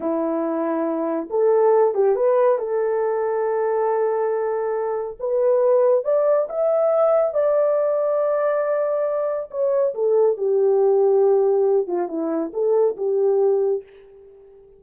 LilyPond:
\new Staff \with { instrumentName = "horn" } { \time 4/4 \tempo 4 = 139 e'2. a'4~ | a'8 g'8 b'4 a'2~ | a'1 | b'2 d''4 e''4~ |
e''4 d''2.~ | d''2 cis''4 a'4 | g'2.~ g'8 f'8 | e'4 a'4 g'2 | }